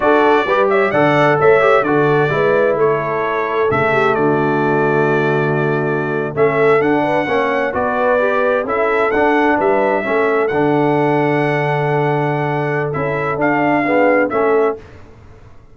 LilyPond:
<<
  \new Staff \with { instrumentName = "trumpet" } { \time 4/4 \tempo 4 = 130 d''4. e''8 fis''4 e''4 | d''2 cis''2 | e''4 d''2.~ | d''4.~ d''16 e''4 fis''4~ fis''16~ |
fis''8. d''2 e''4 fis''16~ | fis''8. e''2 fis''4~ fis''16~ | fis''1 | e''4 f''2 e''4 | }
  \new Staff \with { instrumentName = "horn" } { \time 4/4 a'4 b'8 cis''8 d''4 cis''4 | a'4 b'4 a'2~ | a'8 g'8 fis'2.~ | fis'4.~ fis'16 a'4. b'8 cis''16~ |
cis''8. b'2 a'4~ a'16~ | a'8. b'4 a'2~ a'16~ | a'1~ | a'2 gis'4 a'4 | }
  \new Staff \with { instrumentName = "trombone" } { \time 4/4 fis'4 g'4 a'4. g'8 | fis'4 e'2. | a1~ | a4.~ a16 cis'4 d'4 cis'16~ |
cis'8. fis'4 g'4 e'4 d'16~ | d'4.~ d'16 cis'4 d'4~ d'16~ | d'1 | e'4 d'4 b4 cis'4 | }
  \new Staff \with { instrumentName = "tuba" } { \time 4/4 d'4 g4 d4 a4 | d4 gis4 a2 | cis4 d2.~ | d4.~ d16 a4 d'4 ais16~ |
ais8. b2 cis'4 d'16~ | d'8. g4 a4 d4~ d16~ | d1 | cis'4 d'2 a4 | }
>>